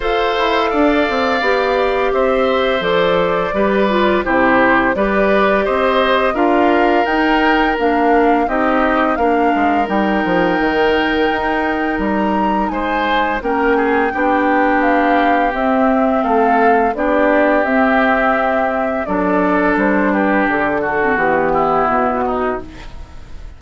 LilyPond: <<
  \new Staff \with { instrumentName = "flute" } { \time 4/4 \tempo 4 = 85 f''2. e''4 | d''2 c''4 d''4 | dis''4 f''4 g''4 f''4 | dis''4 f''4 g''2~ |
g''4 ais''4 gis''4 g''4~ | g''4 f''4 e''4 f''4 | d''4 e''2 d''4 | c''8 b'8 a'4 g'4 fis'4 | }
  \new Staff \with { instrumentName = "oboe" } { \time 4/4 c''4 d''2 c''4~ | c''4 b'4 g'4 b'4 | c''4 ais'2. | g'4 ais'2.~ |
ais'2 c''4 ais'8 gis'8 | g'2. a'4 | g'2. a'4~ | a'8 g'4 fis'4 e'4 dis'8 | }
  \new Staff \with { instrumentName = "clarinet" } { \time 4/4 a'2 g'2 | a'4 g'8 f'8 e'4 g'4~ | g'4 f'4 dis'4 d'4 | dis'4 d'4 dis'2~ |
dis'2. cis'4 | d'2 c'2 | d'4 c'2 d'4~ | d'4.~ d'16 c'16 b2 | }
  \new Staff \with { instrumentName = "bassoon" } { \time 4/4 f'8 e'8 d'8 c'8 b4 c'4 | f4 g4 c4 g4 | c'4 d'4 dis'4 ais4 | c'4 ais8 gis8 g8 f8 dis4 |
dis'4 g4 gis4 ais4 | b2 c'4 a4 | b4 c'2 fis4 | g4 d4 e4 b,4 | }
>>